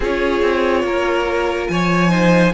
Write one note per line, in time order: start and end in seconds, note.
0.00 0.41 C#4
0.00 2.09 F4
0.00 0.83 G#4
0.00 1.68 C#5
0.41 0.83 C4
0.83 1.67 A#3
0.83 1.70 A#4
1.68 2.53 F3
1.68 2.10 C#5
1.68 2.52 G#5
2.09 2.51 D#4
2.09 2.52 C5